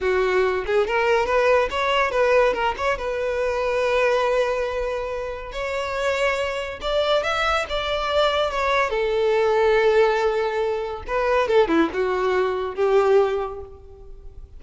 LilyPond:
\new Staff \with { instrumentName = "violin" } { \time 4/4 \tempo 4 = 141 fis'4. gis'8 ais'4 b'4 | cis''4 b'4 ais'8 cis''8 b'4~ | b'1~ | b'4 cis''2. |
d''4 e''4 d''2 | cis''4 a'2.~ | a'2 b'4 a'8 e'8 | fis'2 g'2 | }